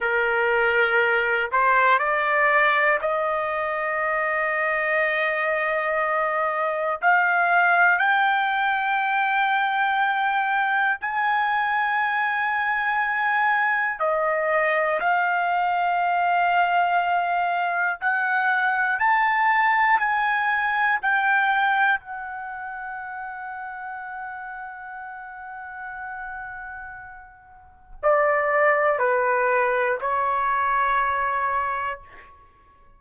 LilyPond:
\new Staff \with { instrumentName = "trumpet" } { \time 4/4 \tempo 4 = 60 ais'4. c''8 d''4 dis''4~ | dis''2. f''4 | g''2. gis''4~ | gis''2 dis''4 f''4~ |
f''2 fis''4 a''4 | gis''4 g''4 fis''2~ | fis''1 | d''4 b'4 cis''2 | }